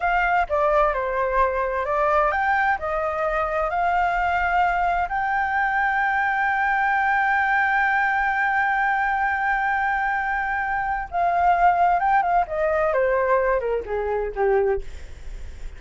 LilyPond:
\new Staff \with { instrumentName = "flute" } { \time 4/4 \tempo 4 = 130 f''4 d''4 c''2 | d''4 g''4 dis''2 | f''2. g''4~ | g''1~ |
g''1~ | g''1 | f''2 g''8 f''8 dis''4 | c''4. ais'8 gis'4 g'4 | }